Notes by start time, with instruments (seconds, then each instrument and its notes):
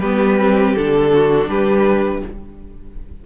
0.00 cello G3, viola B3, violin G4 B4
0.38 viola C4
0.75 cello D3, viola D4, violin A4
1.13 violin F#4
1.48 cello G3, violin G4 B4